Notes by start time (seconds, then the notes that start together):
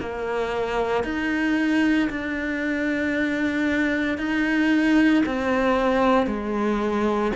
0.00 A#3
1.04 D#4
2.10 D4
4.18 D#4
5.25 C4
6.27 G#3